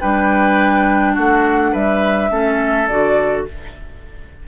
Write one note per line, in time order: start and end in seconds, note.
0.00 1.17 G3
0.00 2.30 D4
0.00 1.14 B4
0.00 1.15 G5
1.14 1.74 A3
1.14 1.71 F#4
1.14 1.74 F#5
1.72 2.30 G3
1.72 2.30 B4
1.72 2.88 E5
2.30 2.88 A3
2.30 2.88 C#4
2.30 3.47 A4
2.88 3.47 D3
2.88 3.47 F#4
2.88 3.45 D5